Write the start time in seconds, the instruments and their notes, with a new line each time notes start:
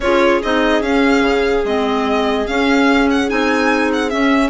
0.00 bassoon C#4, clarinet F4, viola G#4, violin C#5
0.42 bassoon C4, clarinet D#4, violin D#5
0.81 bassoon C#4, clarinet C#4, violin F5
1.21 bassoon C#3
1.64 bassoon G#3, clarinet C4, violin D#5
2.47 clarinet C#4, bassoon C#4, violin F5
3.10 violin F#5
3.28 bassoon C4, clarinet D#4, violin G#5
3.93 violin F#5
4.09 clarinet C#4, bassoon C#4, violin E5